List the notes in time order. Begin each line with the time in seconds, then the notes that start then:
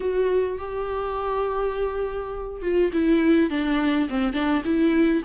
0.00 F#4
0.58 G4
2.62 F4
2.93 E4
3.50 D4
4.09 C4
4.33 D4
4.64 E4